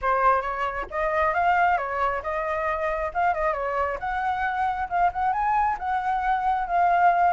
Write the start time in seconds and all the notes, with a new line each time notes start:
0.01 C5
0.41 C#5
0.90 D#5
1.34 F5
1.77 C#5
2.22 D#5
3.14 F5
3.34 D#5
3.53 C#5
3.99 F#5
4.89 F5
5.12 F#5
5.32 G#5
5.79 F#5
6.67 F5